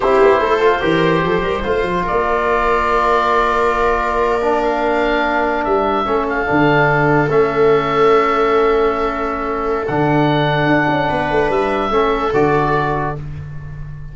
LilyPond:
<<
  \new Staff \with { instrumentName = "oboe" } { \time 4/4 \tempo 4 = 146 c''1~ | c''4 d''2.~ | d''2.~ d''16 f''8.~ | f''4.~ f''16 e''4. f''8.~ |
f''4.~ f''16 e''2~ e''16~ | e''1 | fis''1 | e''2 d''2 | }
  \new Staff \with { instrumentName = "viola" } { \time 4/4 g'4 a'4 ais'4 a'8 ais'8 | c''4 ais'2.~ | ais'1~ | ais'2~ ais'8. a'4~ a'16~ |
a'1~ | a'1~ | a'2. b'4~ | b'4 a'2. | }
  \new Staff \with { instrumentName = "trombone" } { \time 4/4 e'4. f'8 g'2 | f'1~ | f'2~ f'8. d'4~ d'16~ | d'2~ d'8. cis'4 d'16~ |
d'4.~ d'16 cis'2~ cis'16~ | cis'1 | d'1~ | d'4 cis'4 fis'2 | }
  \new Staff \with { instrumentName = "tuba" } { \time 4/4 c'8 b8 a4 e4 f8 g8 | a8 f8 ais2.~ | ais1~ | ais4.~ ais16 g4 a4 d16~ |
d4.~ d16 a2~ a16~ | a1 | d2 d'8 cis'8 b8 a8 | g4 a4 d2 | }
>>